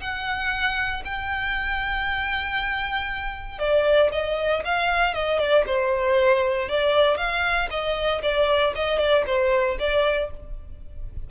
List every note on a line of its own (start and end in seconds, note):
0.00 1.03 F#5
1.04 3.58 G5
3.58 4.10 D5
4.11 4.63 D#5
4.64 5.14 F5
5.14 5.38 D#5
5.38 5.64 D5
5.66 6.68 C5
6.68 7.17 D5
7.17 7.68 F5
7.70 8.21 D#5
8.22 8.73 D5
8.75 8.98 D#5
8.98 9.24 D5
9.26 9.77 C5
9.79 10.30 D5